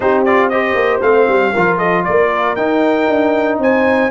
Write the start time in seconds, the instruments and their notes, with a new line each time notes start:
0.00 tuba C4, trombone D#4, horn G4, trumpet C5
0.24 trombone F4, trumpet D5
0.49 trombone G4, horn C5, trumpet D#5
0.74 tuba A#3
1.01 tuba A3, trombone C4, trumpet F5
1.28 tuba G3
1.53 tuba F3, trombone F4, horn A#4
1.78 horn A4, trumpet D#5
2.04 tuba A#3, horn A#4, trumpet D5
2.55 tuba D#4, trombone D#4, trumpet G5
3.08 tuba D4
3.58 tuba C4, horn C5, trumpet G#5